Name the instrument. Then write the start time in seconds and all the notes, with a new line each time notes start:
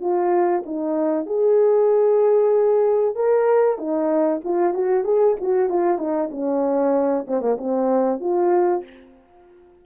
horn
0.00 F4
0.65 D#4
1.26 G#4
3.15 A#4
3.78 D#4
4.44 F4
4.74 F#4
5.04 G#4
5.40 F#4
5.69 F4
5.98 D#4
6.31 C#4
7.27 C4
7.41 A#3
7.58 C4
8.20 F4